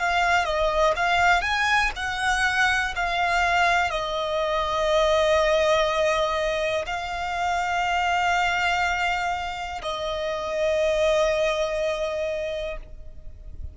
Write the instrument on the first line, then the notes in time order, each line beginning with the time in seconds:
violin
0.00 F5
0.45 D#5
0.97 F5
1.42 G#5
1.97 F#5
2.96 F5
3.91 D#5
6.87 F5
9.83 D#5